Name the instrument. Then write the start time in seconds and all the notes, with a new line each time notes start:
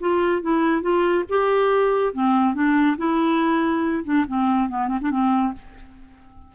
clarinet
0.00 F4
0.42 E4
0.81 F4
1.29 G4
2.13 C4
2.54 D4
2.97 E4
4.04 D4
4.27 C4
4.69 B3
4.88 C4
5.01 D4
5.10 C4